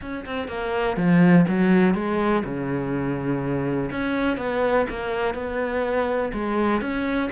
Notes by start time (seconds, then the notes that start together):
0.01 C#4
0.25 C4
0.48 A#3
0.96 F3
1.48 F#3
1.94 G#3
2.44 C#3
3.91 C#4
4.37 B3
4.89 A#3
5.34 B3
6.33 G#3
6.81 C#4